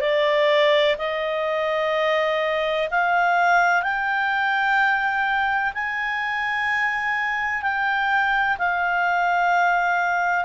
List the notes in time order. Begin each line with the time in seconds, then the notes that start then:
0.00 D5
0.98 D#5
2.90 F5
3.82 G5
5.74 G#5
7.62 G5
8.58 F5